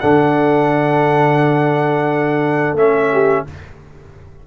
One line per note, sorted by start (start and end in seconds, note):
0.00 2.73 D3
0.00 2.77 D4
0.00 3.10 A4
0.00 2.76 F#5
2.73 3.42 A3
2.73 3.47 C#4
2.73 3.46 E5
3.12 3.47 G4